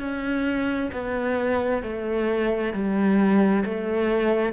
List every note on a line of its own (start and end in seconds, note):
0.00 0.91 C#4
0.93 1.83 B3
1.83 2.74 A3
2.74 3.64 G3
3.65 4.53 A3